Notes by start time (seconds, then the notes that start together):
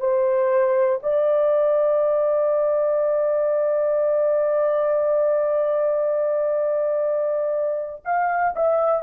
0.00 C5
1.03 D5
8.05 F5
8.55 E5